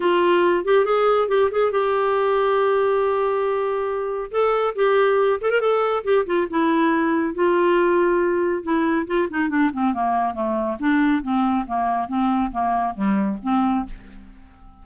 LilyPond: \new Staff \with { instrumentName = "clarinet" } { \time 4/4 \tempo 4 = 139 f'4. g'8 gis'4 g'8 gis'8 | g'1~ | g'2 a'4 g'4~ | g'8 a'16 ais'16 a'4 g'8 f'8 e'4~ |
e'4 f'2. | e'4 f'8 dis'8 d'8 c'8 ais4 | a4 d'4 c'4 ais4 | c'4 ais4 g4 c'4 | }